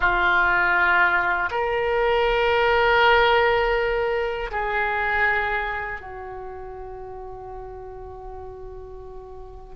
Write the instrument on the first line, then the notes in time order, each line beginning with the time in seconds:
oboe
0.00 F4
1.50 A#4
4.51 G#4
6.00 F#4